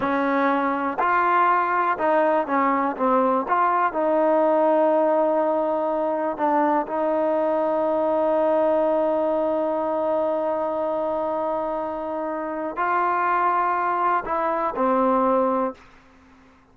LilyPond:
\new Staff \with { instrumentName = "trombone" } { \time 4/4 \tempo 4 = 122 cis'2 f'2 | dis'4 cis'4 c'4 f'4 | dis'1~ | dis'4 d'4 dis'2~ |
dis'1~ | dis'1~ | dis'2 f'2~ | f'4 e'4 c'2 | }